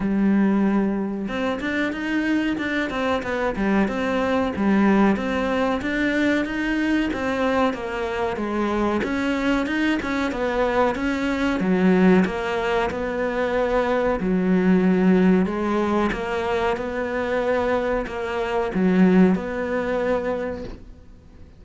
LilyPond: \new Staff \with { instrumentName = "cello" } { \time 4/4 \tempo 4 = 93 g2 c'8 d'8 dis'4 | d'8 c'8 b8 g8 c'4 g4 | c'4 d'4 dis'4 c'4 | ais4 gis4 cis'4 dis'8 cis'8 |
b4 cis'4 fis4 ais4 | b2 fis2 | gis4 ais4 b2 | ais4 fis4 b2 | }